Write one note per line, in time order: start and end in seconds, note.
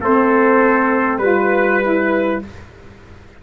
0.00 1.18 A3
0.00 1.22 C4
0.00 1.20 A4
0.00 1.18 C5
1.18 2.38 G3
1.18 1.81 F4
1.18 2.38 B4
1.18 2.43 B4
1.82 2.42 E4